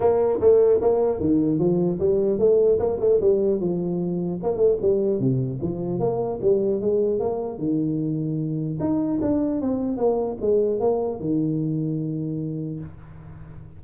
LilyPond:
\new Staff \with { instrumentName = "tuba" } { \time 4/4 \tempo 4 = 150 ais4 a4 ais4 dis4 | f4 g4 a4 ais8 a8 | g4 f2 ais8 a8 | g4 c4 f4 ais4 |
g4 gis4 ais4 dis4~ | dis2 dis'4 d'4 | c'4 ais4 gis4 ais4 | dis1 | }